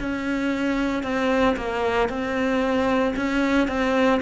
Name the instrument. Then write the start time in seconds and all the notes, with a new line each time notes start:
cello
0.00 C#4
1.03 C4
1.57 A#3
2.10 C4
3.17 C#4
3.68 C4